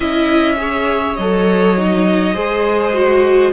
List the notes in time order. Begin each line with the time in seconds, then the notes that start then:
0.00 C#4 E4 D#5 E5
0.57 G#4 C#5
1.16 F#3 A4 D#5
1.77 D#4
2.33 G#3 G#4 C5
2.92 F#4